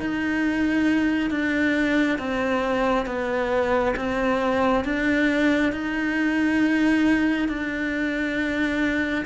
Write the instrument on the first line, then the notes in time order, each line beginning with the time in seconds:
cello
0.00 D#4
1.30 D4
2.18 C4
3.06 B3
3.96 C4
4.84 D4
5.72 D#4
7.48 D4